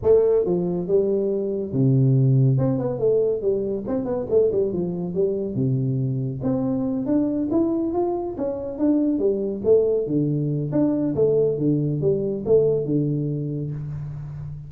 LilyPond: \new Staff \with { instrumentName = "tuba" } { \time 4/4 \tempo 4 = 140 a4 f4 g2 | c2 c'8 b8 a4 | g4 c'8 b8 a8 g8 f4 | g4 c2 c'4~ |
c'8 d'4 e'4 f'4 cis'8~ | cis'8 d'4 g4 a4 d8~ | d4 d'4 a4 d4 | g4 a4 d2 | }